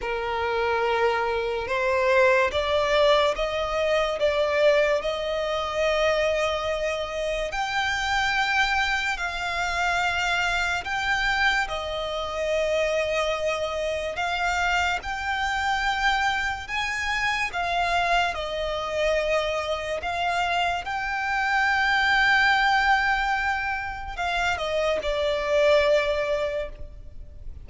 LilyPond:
\new Staff \with { instrumentName = "violin" } { \time 4/4 \tempo 4 = 72 ais'2 c''4 d''4 | dis''4 d''4 dis''2~ | dis''4 g''2 f''4~ | f''4 g''4 dis''2~ |
dis''4 f''4 g''2 | gis''4 f''4 dis''2 | f''4 g''2.~ | g''4 f''8 dis''8 d''2 | }